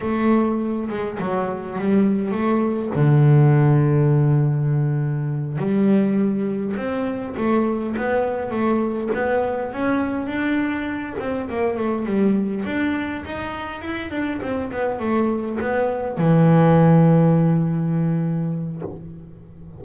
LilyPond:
\new Staff \with { instrumentName = "double bass" } { \time 4/4 \tempo 4 = 102 a4. gis8 fis4 g4 | a4 d2.~ | d4. g2 c'8~ | c'8 a4 b4 a4 b8~ |
b8 cis'4 d'4. c'8 ais8 | a8 g4 d'4 dis'4 e'8 | d'8 c'8 b8 a4 b4 e8~ | e1 | }